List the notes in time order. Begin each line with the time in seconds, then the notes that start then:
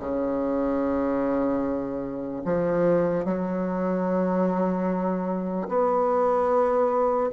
0.00 C#3
2.45 F3
3.25 F#3
5.69 B3